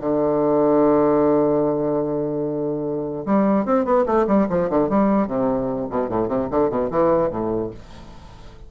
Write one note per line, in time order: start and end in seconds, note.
0.00 3.24 D3
3.25 3.65 G3
3.65 3.84 C4
3.84 4.04 B3
4.05 4.26 A3
4.27 4.47 G3
4.49 4.69 F3
4.69 4.89 D3
4.89 5.27 G3
5.27 5.88 C3
5.90 6.08 B2
6.08 6.28 A2
6.28 6.48 C3
6.50 6.69 D3
6.69 6.89 B2
6.90 7.30 E3
7.30 7.70 A2